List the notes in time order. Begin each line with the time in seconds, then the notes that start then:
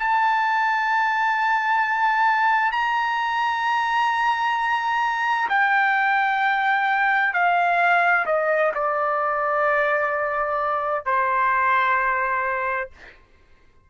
0.00 A5
2.72 A#5
5.49 G5
7.34 F5
8.27 D#5
8.75 D5
11.06 C5